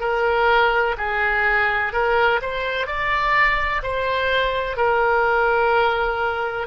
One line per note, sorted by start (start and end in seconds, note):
0.00 0.95 A#4
0.97 1.93 G#4
1.93 2.40 A#4
2.41 2.87 C5
2.87 3.82 D5
3.82 4.77 C5
4.77 6.67 A#4